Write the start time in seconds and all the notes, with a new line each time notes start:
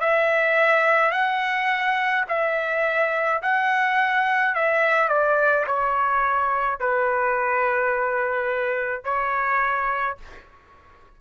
0.00 E5
1.11 F#5
2.28 E5
3.42 F#5
4.55 E5
5.08 D5
5.67 C#5
6.80 B4
9.04 C#5